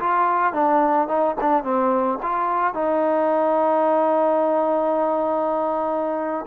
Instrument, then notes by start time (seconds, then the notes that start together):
trombone
0.00 F4
0.54 D4
1.08 D#4
1.41 D4
1.64 C4
2.23 F4
2.74 D#4